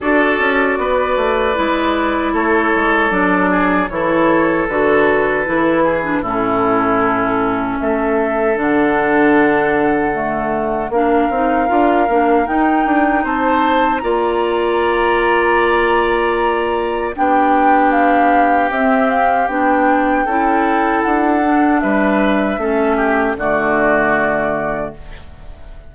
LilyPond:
<<
  \new Staff \with { instrumentName = "flute" } { \time 4/4 \tempo 4 = 77 d''2. cis''4 | d''4 cis''4 b'2 | a'2 e''4 fis''4~ | fis''2 f''2 |
g''4 a''4 ais''2~ | ais''2 g''4 f''4 | e''8 f''8 g''2 fis''4 | e''2 d''2 | }
  \new Staff \with { instrumentName = "oboe" } { \time 4/4 a'4 b'2 a'4~ | a'8 gis'8 a'2~ a'8 gis'8 | e'2 a'2~ | a'2 ais'2~ |
ais'4 c''4 d''2~ | d''2 g'2~ | g'2 a'2 | b'4 a'8 g'8 fis'2 | }
  \new Staff \with { instrumentName = "clarinet" } { \time 4/4 fis'2 e'2 | d'4 e'4 fis'4 e'8. d'16 | cis'2. d'4~ | d'4 a4 d'8 dis'8 f'8 d'8 |
dis'2 f'2~ | f'2 d'2 | c'4 d'4 e'4. d'8~ | d'4 cis'4 a2 | }
  \new Staff \with { instrumentName = "bassoon" } { \time 4/4 d'8 cis'8 b8 a8 gis4 a8 gis8 | fis4 e4 d4 e4 | a,2 a4 d4~ | d2 ais8 c'8 d'8 ais8 |
dis'8 d'8 c'4 ais2~ | ais2 b2 | c'4 b4 cis'4 d'4 | g4 a4 d2 | }
>>